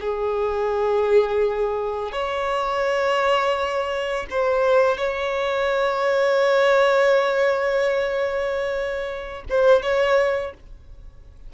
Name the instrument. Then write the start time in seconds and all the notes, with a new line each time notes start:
violin
0.00 G#4
2.12 C#5
4.30 C5
4.97 C#5
9.49 C5
9.82 C#5